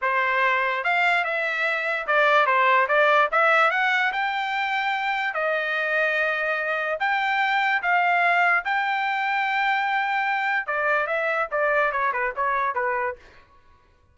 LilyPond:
\new Staff \with { instrumentName = "trumpet" } { \time 4/4 \tempo 4 = 146 c''2 f''4 e''4~ | e''4 d''4 c''4 d''4 | e''4 fis''4 g''2~ | g''4 dis''2.~ |
dis''4 g''2 f''4~ | f''4 g''2.~ | g''2 d''4 e''4 | d''4 cis''8 b'8 cis''4 b'4 | }